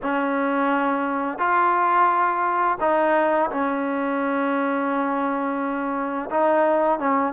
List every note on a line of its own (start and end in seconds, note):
0.02 1.38 C#4
1.38 2.77 F4
2.80 3.50 D#4
3.50 6.29 C#4
6.30 6.99 D#4
6.99 7.33 C#4